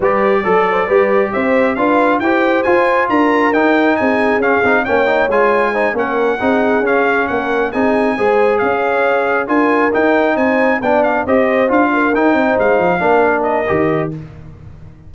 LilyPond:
<<
  \new Staff \with { instrumentName = "trumpet" } { \time 4/4 \tempo 4 = 136 d''2. e''4 | f''4 g''4 gis''4 ais''4 | g''4 gis''4 f''4 g''4 | gis''4. fis''2 f''8~ |
f''8 fis''4 gis''2 f''8~ | f''4. gis''4 g''4 gis''8~ | gis''8 g''8 f''8 dis''4 f''4 g''8~ | g''8 f''2 dis''4. | }
  \new Staff \with { instrumentName = "horn" } { \time 4/4 b'4 a'8 c''8 b'4 c''4 | b'4 c''2 ais'4~ | ais'4 gis'2 cis''4~ | cis''4 c''8 ais'4 gis'4.~ |
gis'8 ais'4 gis'4 c''4 cis''8~ | cis''4. ais'2 c''8~ | c''8 d''4 c''4. ais'4 | c''4. ais'2~ ais'8 | }
  \new Staff \with { instrumentName = "trombone" } { \time 4/4 g'4 a'4 g'2 | f'4 g'4 f'2 | dis'2 cis'8 dis'8 cis'8 dis'8 | f'4 dis'8 cis'4 dis'4 cis'8~ |
cis'4. dis'4 gis'4.~ | gis'4. f'4 dis'4.~ | dis'8 d'4 g'4 f'4 dis'8~ | dis'4. d'4. g'4 | }
  \new Staff \with { instrumentName = "tuba" } { \time 4/4 g4 fis4 g4 c'4 | d'4 e'4 f'4 d'4 | dis'4 c'4 cis'8 c'8 ais4 | gis4. ais4 c'4 cis'8~ |
cis'8 ais4 c'4 gis4 cis'8~ | cis'4. d'4 dis'4 c'8~ | c'8 b4 c'4 d'4 dis'8 | c'8 gis8 f8 ais4. dis4 | }
>>